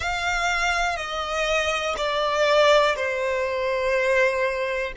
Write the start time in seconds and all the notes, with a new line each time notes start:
0.00 F5
0.96 D#5
1.97 D5
2.96 C5